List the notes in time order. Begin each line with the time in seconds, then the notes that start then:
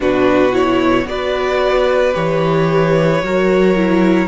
0.00 B2 D4 F#4 B4
0.52 E4 C#5
1.06 B3 F#4 B4 D5
2.13 E3 G4 C#5
3.23 F#3 F#4 A#4
3.75 E4